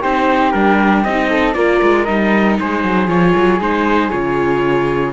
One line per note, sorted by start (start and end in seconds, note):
0.00 0.53 C4
0.00 0.53 D#4
0.00 1.28 G4
0.00 0.51 C5
0.51 1.05 G3
0.51 1.05 D4
0.51 1.03 A#4
1.03 1.55 C4
1.03 1.54 D#4
1.03 1.53 D#5
1.29 1.55 A4
1.53 1.81 A#3
1.53 2.05 F4
1.53 2.58 A#4
1.53 2.04 D5
1.82 2.08 G#3
2.05 2.59 G3
2.05 3.08 D#4
2.05 2.56 D#5
2.59 2.84 G#3
2.59 5.12 G#4
2.59 3.08 C5
2.84 3.07 F#3
3.07 3.33 F3
3.07 3.60 F4
3.07 3.59 C#5
3.36 3.60 F#3
3.60 4.11 G#3
3.60 4.10 D#4
3.60 4.10 C5
4.10 5.12 C#3
4.10 5.12 F4
4.10 5.12 C#5